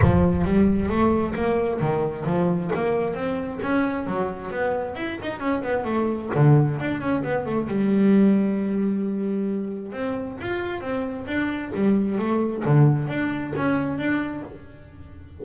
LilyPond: \new Staff \with { instrumentName = "double bass" } { \time 4/4 \tempo 4 = 133 f4 g4 a4 ais4 | dis4 f4 ais4 c'4 | cis'4 fis4 b4 e'8 dis'8 | cis'8 b8 a4 d4 d'8 cis'8 |
b8 a8 g2.~ | g2 c'4 f'4 | c'4 d'4 g4 a4 | d4 d'4 cis'4 d'4 | }